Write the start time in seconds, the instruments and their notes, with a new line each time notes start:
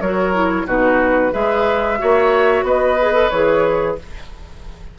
0.00 bassoon F#3, clarinet F#4, oboe A#4, flute C#5
0.34 clarinet E4
0.66 bassoon B2, clarinet D#4, oboe F#4, flute B4
1.31 bassoon G#3, clarinet G#4, oboe B4, flute E5
1.98 bassoon A#3, clarinet F#4, oboe C#5
2.62 bassoon B3, oboe B4, flute D#5
3.00 clarinet G#4
3.13 clarinet A4
3.30 bassoon E3, clarinet G#4, flute C#5